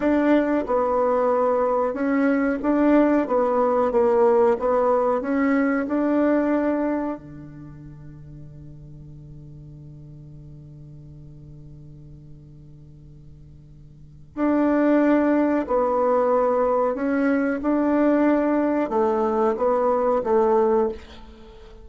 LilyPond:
\new Staff \with { instrumentName = "bassoon" } { \time 4/4 \tempo 4 = 92 d'4 b2 cis'4 | d'4 b4 ais4 b4 | cis'4 d'2 d4~ | d1~ |
d1~ | d2 d'2 | b2 cis'4 d'4~ | d'4 a4 b4 a4 | }